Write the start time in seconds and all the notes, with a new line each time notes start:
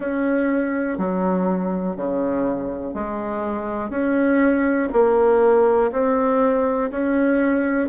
0.00 C#4
0.97 F#3
1.96 C#3
2.94 G#3
3.90 C#4
4.92 A#3
5.92 C4
6.90 C#4